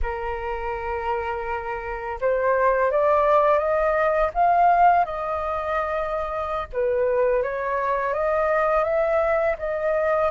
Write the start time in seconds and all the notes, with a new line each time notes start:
0.02 A#4
2.20 C5
2.91 D5
3.58 D#5
4.34 F5
5.05 D#5
6.72 B4
7.42 C#5
8.13 D#5
8.84 E5
9.58 D#5